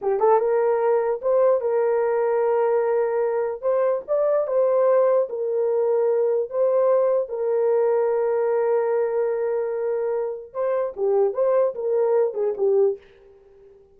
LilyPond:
\new Staff \with { instrumentName = "horn" } { \time 4/4 \tempo 4 = 148 g'8 a'8 ais'2 c''4 | ais'1~ | ais'4 c''4 d''4 c''4~ | c''4 ais'2. |
c''2 ais'2~ | ais'1~ | ais'2 c''4 g'4 | c''4 ais'4. gis'8 g'4 | }